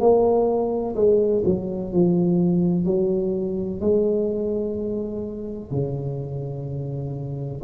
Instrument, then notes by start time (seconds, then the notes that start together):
tuba
0.00 A#3
0.96 G#3
1.45 F#3
1.93 F3
2.86 F#3
3.81 G#3
5.71 C#3